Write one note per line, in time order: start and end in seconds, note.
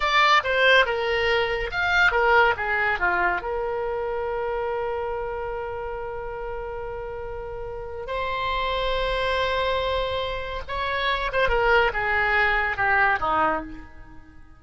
0.00 0.43 D5
0.43 0.85 C5
0.85 1.70 A#4
1.71 2.11 F5
2.11 2.54 A#4
2.56 2.99 G#4
2.99 3.41 F4
3.41 8.06 A#4
8.06 10.62 C5
10.68 11.31 C#5
11.32 11.49 C5
11.49 11.91 A#4
11.93 12.76 G#4
12.76 13.19 G4
13.19 13.62 D#4